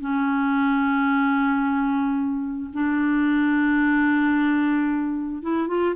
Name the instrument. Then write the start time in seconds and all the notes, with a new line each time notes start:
clarinet
0.00 C#4
2.73 D4
5.43 E4
5.68 F4